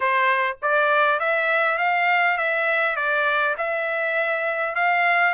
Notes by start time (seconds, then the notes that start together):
0.00 C5
0.62 D5
1.19 E5
1.78 F5
2.37 E5
2.96 D5
3.57 E5
4.75 F5